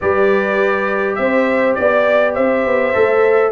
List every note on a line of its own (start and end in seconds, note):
0.01 1.17 G3
0.01 2.93 G4
0.01 1.18 B4
0.01 1.15 D5
1.15 1.76 C4
1.15 1.77 C5
1.15 1.74 E5
1.74 2.37 B3
1.74 2.33 D5
1.74 2.34 D5
2.34 2.65 C4
2.34 3.51 C5
2.34 3.52 E5
2.65 2.94 B3
2.93 3.52 A3
2.93 3.52 A4